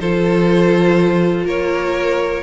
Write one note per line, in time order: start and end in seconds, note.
0.00 1.45 F3
0.00 2.43 F4
0.00 1.45 A4
0.00 1.46 C5
1.45 2.42 A#3
1.45 2.43 A#4
1.45 2.43 C#5